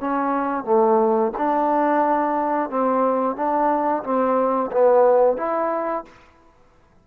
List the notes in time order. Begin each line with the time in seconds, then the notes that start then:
0.00 C#4
0.64 A3
1.37 D4
2.70 C4
3.36 D4
4.03 C4
4.72 B3
5.37 E4